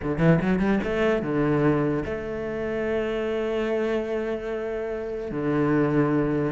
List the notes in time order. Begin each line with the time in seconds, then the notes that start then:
0.02 D3
0.18 E3
0.41 F#3
0.59 G3
0.83 A3
1.22 D3
2.05 A3
5.31 D3